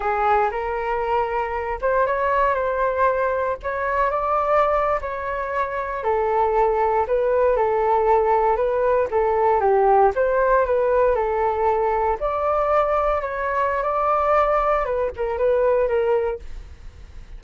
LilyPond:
\new Staff \with { instrumentName = "flute" } { \time 4/4 \tempo 4 = 117 gis'4 ais'2~ ais'8 c''8 | cis''4 c''2 cis''4 | d''4.~ d''16 cis''2 a'16~ | a'4.~ a'16 b'4 a'4~ a'16~ |
a'8. b'4 a'4 g'4 c''16~ | c''8. b'4 a'2 d''16~ | d''4.~ d''16 cis''4~ cis''16 d''4~ | d''4 b'8 ais'8 b'4 ais'4 | }